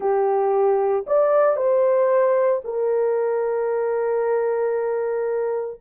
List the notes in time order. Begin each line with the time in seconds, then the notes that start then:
0.00 G4
1.06 D5
1.56 C5
2.64 A#4